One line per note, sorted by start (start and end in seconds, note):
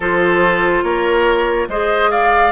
0.00 0.83 F3
0.00 1.69 F4
0.00 0.83 A4
0.00 0.83 C5
0.83 1.67 A#3
0.83 1.68 A#4
0.83 1.68 C#5
1.67 2.52 G#3
1.67 2.52 G#4
1.67 2.10 C5
1.67 2.11 D#5
2.10 2.52 D5
2.10 2.52 F5